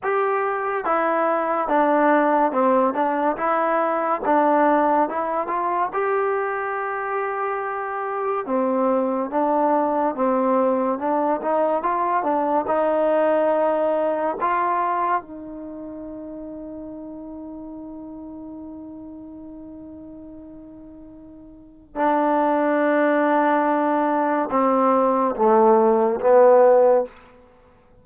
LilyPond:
\new Staff \with { instrumentName = "trombone" } { \time 4/4 \tempo 4 = 71 g'4 e'4 d'4 c'8 d'8 | e'4 d'4 e'8 f'8 g'4~ | g'2 c'4 d'4 | c'4 d'8 dis'8 f'8 d'8 dis'4~ |
dis'4 f'4 dis'2~ | dis'1~ | dis'2 d'2~ | d'4 c'4 a4 b4 | }